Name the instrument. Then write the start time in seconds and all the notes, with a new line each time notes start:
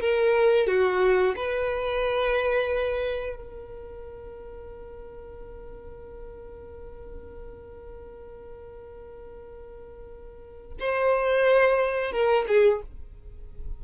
violin
0.00 A#4
0.67 F#4
1.36 B4
3.36 A#4
10.80 C5
12.12 A#4
12.48 G#4